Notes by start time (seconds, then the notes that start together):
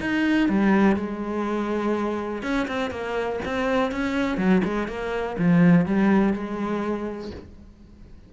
0.00 D#4
0.49 G3
0.96 G#3
2.43 C#4
2.68 C4
2.90 A#3
3.45 C4
3.91 C#4
4.37 F#3
4.64 G#3
4.88 A#3
5.38 F3
5.86 G3
6.33 G#3